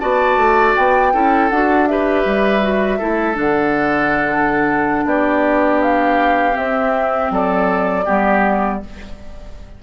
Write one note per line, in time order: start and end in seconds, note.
0.00 0.37 B3
0.00 1.13 F#4
0.00 1.13 D5
0.00 0.75 A5
0.37 0.75 A3
0.76 1.14 B3
0.76 1.50 G5
1.13 1.51 C#4
1.13 1.50 E4
1.13 1.89 A4
1.50 2.26 D4
1.50 1.89 F#4
1.50 1.88 F#5
1.88 2.62 G4
1.88 2.99 B4
1.88 3.38 E5
2.26 3.01 G3
2.62 3.00 F#4
2.99 3.37 A3
2.99 3.35 E4
2.99 5.05 A4
3.35 5.05 D3
3.35 6.54 D4
3.35 5.08 F#5
5.05 6.55 B3
5.05 7.33 G4
5.05 5.82 D5
5.82 6.57 F5
6.54 8.04 C4
6.54 7.31 C4
6.54 7.32 E5
7.31 8.06 F#3
7.31 8.06 A4
7.31 8.83 D5
8.06 8.83 G3
8.06 8.81 B3
8.06 8.81 G4